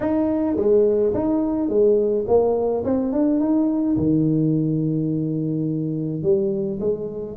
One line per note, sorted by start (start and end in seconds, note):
0.00 0.56 D#4
0.57 1.13 G#3
1.14 1.68 D#4
1.68 2.25 G#3
2.27 2.84 A#3
2.84 3.12 C4
3.12 3.40 D4
3.40 3.96 D#4
3.97 6.22 D#3
6.22 6.79 G3
6.80 7.36 G#3